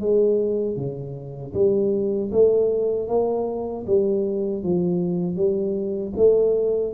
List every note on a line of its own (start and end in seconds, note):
0.00 0.76 G#3
0.76 1.53 C#3
1.53 2.31 G3
2.32 3.08 A3
3.08 3.85 A#3
3.86 4.63 G3
4.63 5.36 F3
5.36 6.13 G3
6.16 6.93 A3